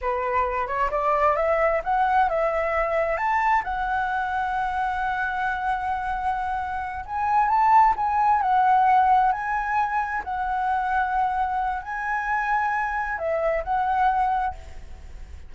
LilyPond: \new Staff \with { instrumentName = "flute" } { \time 4/4 \tempo 4 = 132 b'4. cis''8 d''4 e''4 | fis''4 e''2 a''4 | fis''1~ | fis''2.~ fis''8 gis''8~ |
gis''8 a''4 gis''4 fis''4.~ | fis''8 gis''2 fis''4.~ | fis''2 gis''2~ | gis''4 e''4 fis''2 | }